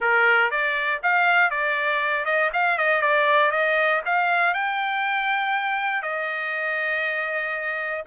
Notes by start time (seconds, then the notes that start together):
0.00 A#4
0.50 D5
1.02 F5
1.50 D5
2.25 D#5
2.53 F5
2.78 D#5
3.01 D5
3.51 D#5
4.05 F5
4.54 G5
6.02 D#5